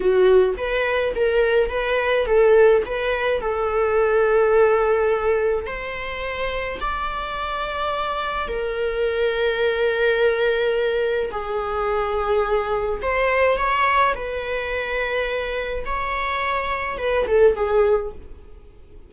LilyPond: \new Staff \with { instrumentName = "viola" } { \time 4/4 \tempo 4 = 106 fis'4 b'4 ais'4 b'4 | a'4 b'4 a'2~ | a'2 c''2 | d''2. ais'4~ |
ais'1 | gis'2. c''4 | cis''4 b'2. | cis''2 b'8 a'8 gis'4 | }